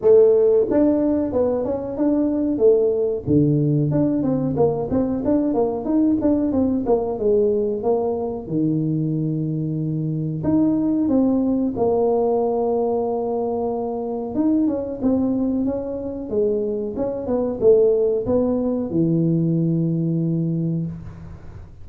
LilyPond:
\new Staff \with { instrumentName = "tuba" } { \time 4/4 \tempo 4 = 92 a4 d'4 b8 cis'8 d'4 | a4 d4 d'8 c'8 ais8 c'8 | d'8 ais8 dis'8 d'8 c'8 ais8 gis4 | ais4 dis2. |
dis'4 c'4 ais2~ | ais2 dis'8 cis'8 c'4 | cis'4 gis4 cis'8 b8 a4 | b4 e2. | }